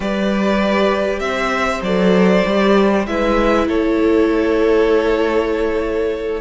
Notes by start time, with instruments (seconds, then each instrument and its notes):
0.00 cello G3, viola G4, violin B4 D5
1.19 cello C4, violin C5 E5
1.82 cello F#3, viola A4, violin D5
2.46 cello G3, viola G4
3.06 cello G#3, viola E4, violin B4 E5
3.66 cello A3, violin A4 C#5